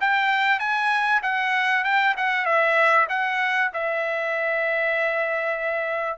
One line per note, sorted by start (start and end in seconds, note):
0.00 0.59 G5
0.59 1.21 G#5
1.22 1.84 F#5
1.84 2.15 G5
2.17 2.45 F#5
2.45 3.07 E5
3.09 3.71 F#5
3.73 6.17 E5